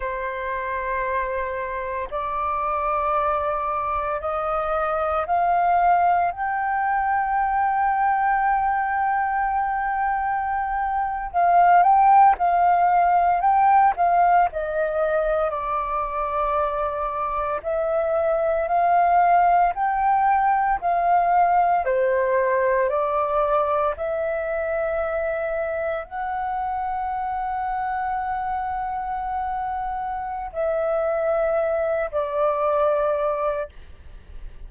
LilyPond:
\new Staff \with { instrumentName = "flute" } { \time 4/4 \tempo 4 = 57 c''2 d''2 | dis''4 f''4 g''2~ | g''2~ g''8. f''8 g''8 f''16~ | f''8. g''8 f''8 dis''4 d''4~ d''16~ |
d''8. e''4 f''4 g''4 f''16~ | f''8. c''4 d''4 e''4~ e''16~ | e''8. fis''2.~ fis''16~ | fis''4 e''4. d''4. | }